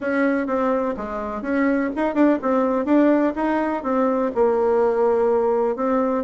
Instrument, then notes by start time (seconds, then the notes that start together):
bassoon
0.00 C#4
0.46 C4
0.96 G#3
1.41 C#4
1.95 D#4
2.14 D4
2.42 C4
2.85 D4
3.35 D#4
3.83 C4
4.35 A#3
5.76 C4